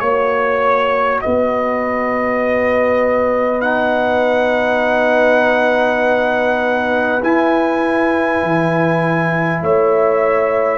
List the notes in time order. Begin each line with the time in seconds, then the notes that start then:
0.00 A#3 F#4 C#5
1.22 B3 B4 D#5
3.62 D#4 F#5
7.23 E4 G#5
8.43 E3
9.62 A3 C#5 E5